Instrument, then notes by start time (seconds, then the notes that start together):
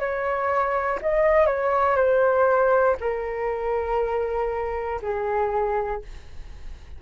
flute
0.00 C#5
1.02 D#5
1.46 C#5
1.96 C5
3.01 A#4
5.02 G#4